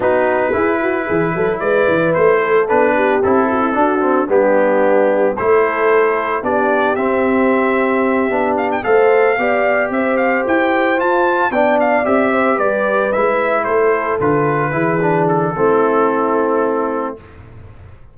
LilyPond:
<<
  \new Staff \with { instrumentName = "trumpet" } { \time 4/4 \tempo 4 = 112 b'2. d''4 | c''4 b'4 a'2 | g'2 c''2 | d''4 e''2. |
f''16 g''16 f''2 e''8 f''8 g''8~ | g''8 a''4 g''8 f''8 e''4 d''8~ | d''8 e''4 c''4 b'4.~ | b'8 a'2.~ a'8 | }
  \new Staff \with { instrumentName = "horn" } { \time 4/4 fis'4 gis'8 fis'8 gis'8 a'8 b'4~ | b'8 a'4 g'4 fis'16 e'16 fis'4 | d'2 a'2 | g'1~ |
g'8 c''4 d''4 c''4.~ | c''4. d''4. c''8 b'8~ | b'4. a'2 gis'8~ | gis'4 e'2. | }
  \new Staff \with { instrumentName = "trombone" } { \time 4/4 dis'4 e'2.~ | e'4 d'4 e'4 d'8 c'8 | b2 e'2 | d'4 c'2~ c'8 d'8~ |
d'8 a'4 g'2~ g'8~ | g'8 f'4 d'4 g'4.~ | g'8 e'2 f'4 e'8 | d'4 c'2. | }
  \new Staff \with { instrumentName = "tuba" } { \time 4/4 b4 e'4 e8 fis8 gis8 e8 | a4 b4 c'4 d'4 | g2 a2 | b4 c'2~ c'8 b8~ |
b8 a4 b4 c'4 e'8~ | e'8 f'4 b4 c'4 g8~ | g8 gis4 a4 d4 e8~ | e4 a2. | }
>>